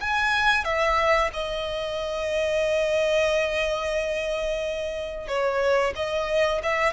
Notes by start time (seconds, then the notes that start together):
0.00 G#5
0.64 E5
1.33 D#5
5.27 C#5
5.95 D#5
6.62 E5